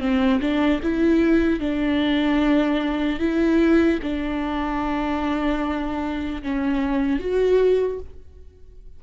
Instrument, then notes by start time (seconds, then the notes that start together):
viola
0.00 C4
0.41 D4
0.83 E4
1.60 D4
3.20 E4
4.03 D4
6.43 C#4
7.20 F#4